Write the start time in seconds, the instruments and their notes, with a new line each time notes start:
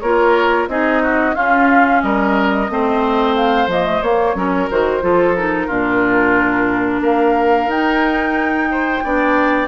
0.00 bassoon A#3, clarinet F4, oboe A#4, flute C#5
0.67 bassoon C4, clarinet D#4, oboe G#4, flute D#5
1.02 oboe F#4
1.35 clarinet C#4, bassoon C#4, oboe F4, flute F5
2.01 bassoon G3, oboe A#4, flute D#5
2.69 bassoon A3, clarinet C4, oboe C5
3.35 flute F5
3.67 bassoon F3, clarinet A#3, flute D#5
3.84 clarinet A3
4.02 bassoon A#3, clarinet A#3, flute C#5
4.34 bassoon F#3, clarinet C#4, oboe A#4
4.70 bassoon D#3, clarinet F#4, flute C5
5.01 bassoon F3, clarinet F4, oboe A4
5.36 clarinet D#4, flute A#4
5.67 bassoon A#2, clarinet D4, oboe F4
7.00 bassoon A#3, oboe A#4, flute F5
7.66 bassoon D#4, clarinet D#4, flute G5
8.71 oboe C5
9.04 bassoon B3, clarinet D4, oboe D5